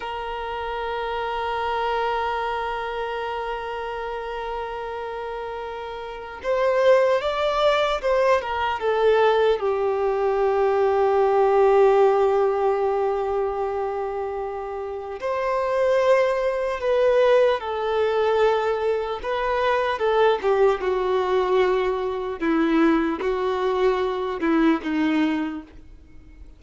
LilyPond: \new Staff \with { instrumentName = "violin" } { \time 4/4 \tempo 4 = 75 ais'1~ | ais'1 | c''4 d''4 c''8 ais'8 a'4 | g'1~ |
g'2. c''4~ | c''4 b'4 a'2 | b'4 a'8 g'8 fis'2 | e'4 fis'4. e'8 dis'4 | }